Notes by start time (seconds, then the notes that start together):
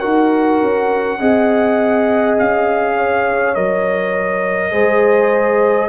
0.00 D#4 F#4 A#4 F#5
0.61 C#4
1.19 C4 G#4 D#5
2.39 C#4 F5
2.97 C#5
3.55 F#3 A#4 D#5
4.72 G#3 G#4 C5